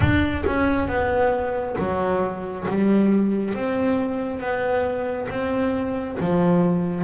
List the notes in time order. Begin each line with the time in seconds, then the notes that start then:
0.00 D4
0.45 C#4
0.87 B3
1.78 F#3
2.68 G3
3.54 C4
4.40 B3
5.29 C4
6.20 F3